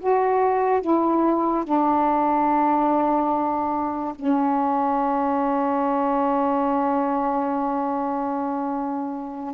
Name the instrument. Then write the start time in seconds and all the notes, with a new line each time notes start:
saxophone
0.00 F#4
0.81 E4
1.64 D4
4.15 C#4